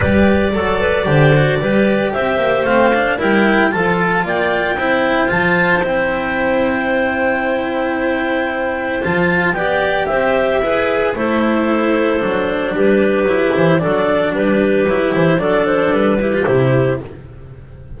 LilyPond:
<<
  \new Staff \with { instrumentName = "clarinet" } { \time 4/4 \tempo 4 = 113 d''1 | e''4 f''4 g''4 a''4 | g''2 a''4 g''4~ | g''1~ |
g''4 a''4 g''4 e''4~ | e''4 c''2. | b'4. c''8 d''4 b'4~ | b'8 c''8 d''8 c''8 b'4 c''4 | }
  \new Staff \with { instrumentName = "clarinet" } { \time 4/4 b'4 a'8 b'8 c''4 b'4 | c''2 ais'4 a'4 | d''4 c''2.~ | c''1~ |
c''2 d''4 c''4 | b'4 a'2. | g'2 a'4 g'4~ | g'4 a'4. g'4. | }
  \new Staff \with { instrumentName = "cello" } { \time 4/4 g'4 a'4 g'8 fis'8 g'4~ | g'4 c'8 d'8 e'4 f'4~ | f'4 e'4 f'4 e'4~ | e'1~ |
e'4 f'4 g'2 | gis'4 e'2 d'4~ | d'4 e'4 d'2 | e'4 d'4. e'16 f'16 e'4 | }
  \new Staff \with { instrumentName = "double bass" } { \time 4/4 g4 fis4 d4 g4 | c'8 ais8 a4 g4 f4 | ais4 c'4 f4 c'4~ | c'1~ |
c'4 f4 b4 c'4 | e'4 a2 fis4 | g4 fis8 e8 fis4 g4 | fis8 e8 fis4 g4 c4 | }
>>